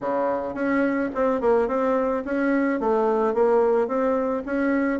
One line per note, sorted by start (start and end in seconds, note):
0.01 0.54 C#3
0.54 1.09 C#4
1.14 1.40 C4
1.40 1.68 A#3
1.68 2.23 C4
2.24 2.80 C#4
2.80 3.34 A3
3.34 3.87 A#3
3.87 4.43 C4
4.45 4.99 C#4